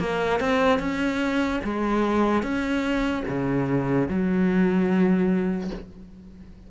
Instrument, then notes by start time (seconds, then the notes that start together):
cello
0.00 A#3
0.41 C4
0.80 C#4
1.64 G#3
2.43 C#4
3.28 C#3
4.09 F#3